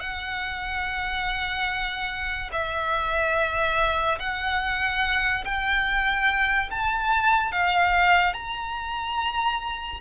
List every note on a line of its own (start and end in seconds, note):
0.00 2.50 F#5
2.52 4.18 E5
4.19 5.44 F#5
5.44 6.69 G5
6.70 7.51 A5
7.51 8.33 F5
8.33 10.00 A#5